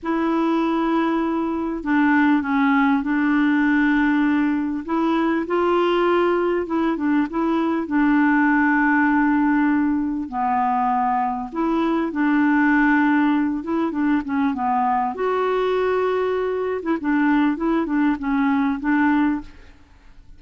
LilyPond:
\new Staff \with { instrumentName = "clarinet" } { \time 4/4 \tempo 4 = 99 e'2. d'4 | cis'4 d'2. | e'4 f'2 e'8 d'8 | e'4 d'2.~ |
d'4 b2 e'4 | d'2~ d'8 e'8 d'8 cis'8 | b4 fis'2~ fis'8. e'16 | d'4 e'8 d'8 cis'4 d'4 | }